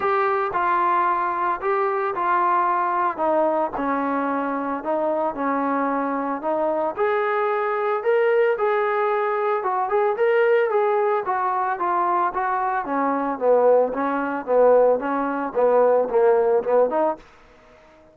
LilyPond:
\new Staff \with { instrumentName = "trombone" } { \time 4/4 \tempo 4 = 112 g'4 f'2 g'4 | f'2 dis'4 cis'4~ | cis'4 dis'4 cis'2 | dis'4 gis'2 ais'4 |
gis'2 fis'8 gis'8 ais'4 | gis'4 fis'4 f'4 fis'4 | cis'4 b4 cis'4 b4 | cis'4 b4 ais4 b8 dis'8 | }